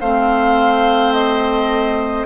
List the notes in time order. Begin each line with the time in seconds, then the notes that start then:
0.00 A3 C4 C5 F5
1.12 D#5